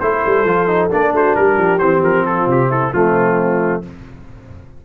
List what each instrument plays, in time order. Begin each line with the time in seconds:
0.00 tuba A3, trombone E4, horn A4, trumpet C5
0.26 tuba G3
0.45 tuba F3, trombone F4
0.68 trombone D#4
0.90 tuba A#3, trombone D4, trumpet D5
1.13 tuba A3, horn F#4, trumpet C5
1.36 tuba G3, horn G4, trumpet A#4
1.58 tuba F3
1.79 tuba E3, trombone C4, trumpet C5
2.04 tuba F3, trumpet A#4
2.26 horn F4, trumpet A4
2.47 tuba C3, trumpet G4
2.69 horn E4, trumpet A4
2.93 tuba F3, trombone A3, horn C4, trumpet F4